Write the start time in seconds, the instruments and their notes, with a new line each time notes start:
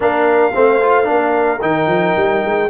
0.00 tuba A#3, trombone D4, horn A#4, trumpet F5
0.53 tuba A3, trombone C4, horn C5
0.81 trombone F4
1.03 tuba A#3, trombone D4, horn A#4
1.61 tuba D#3, trombone D#4, trumpet G5
1.87 tuba F3
2.16 tuba G3
2.45 tuba G#3